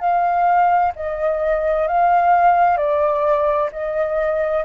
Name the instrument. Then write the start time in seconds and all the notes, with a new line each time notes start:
flute
0.00 F5
0.96 D#5
1.88 F5
2.78 D5
3.73 D#5